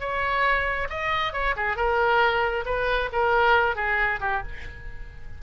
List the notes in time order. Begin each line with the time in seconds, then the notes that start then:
0.00 C#5
0.90 D#5
1.33 C#5
1.57 G#4
1.76 A#4
2.66 B4
3.12 A#4
3.76 G#4
4.21 G4